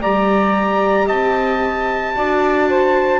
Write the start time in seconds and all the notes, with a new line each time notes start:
0.00 G3 G4 D5 A#5
1.06 C4 D#5 A5
2.15 D4 F#4 D5
2.69 C5